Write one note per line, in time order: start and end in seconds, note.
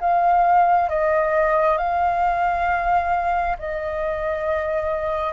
0.00 0.89 F5
0.89 1.77 D#5
1.77 3.57 F5
3.59 5.33 D#5